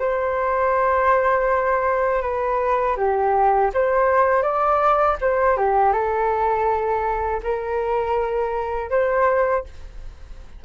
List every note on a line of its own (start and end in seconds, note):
0.00 2.22 C5
2.23 2.97 B4
2.97 3.71 G4
3.74 4.43 C5
4.43 5.17 D5
5.22 5.58 C5
5.58 5.93 G4
5.93 7.41 A4
7.43 8.91 A#4
8.91 9.65 C5